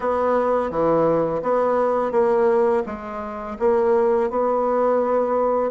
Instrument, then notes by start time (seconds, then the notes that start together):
bassoon
0.00 B3
0.70 E3
1.42 B3
2.11 A#3
2.85 G#3
3.59 A#3
4.30 B3